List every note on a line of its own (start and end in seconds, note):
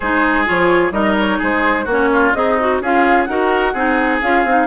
0.00 0.48 G#3
0.00 0.45 D#4
0.00 0.93 G#4
0.00 0.47 C5
0.45 0.91 F3
0.45 0.92 F4
0.45 0.92 C#5
0.91 1.38 G3
0.91 1.85 D#4
0.91 1.38 A#4
0.91 1.16 D#5
1.18 1.42 C#5
1.38 1.86 G#3
1.38 1.84 G#4
1.38 1.89 C5
1.84 2.33 A#3
1.84 2.35 C#4
1.84 2.08 F#4
1.84 2.33 C#5
2.13 2.36 F4
2.33 2.80 C4
2.33 2.81 D#4
2.33 2.58 G#4
2.33 2.80 D#5
2.59 2.83 F#4
2.80 3.27 C#4
2.80 3.28 F4
2.80 3.28 G#4
2.80 3.24 F5
3.24 3.74 D#4
3.24 3.75 F#4
3.24 3.73 A#4
3.24 4.18 F#5
3.73 4.20 C4
3.73 4.22 D#4
3.73 4.66 G#4
4.22 4.44 C#4
4.22 4.46 F4
4.22 4.66 F5
4.44 4.66 C4
4.44 4.66 D#4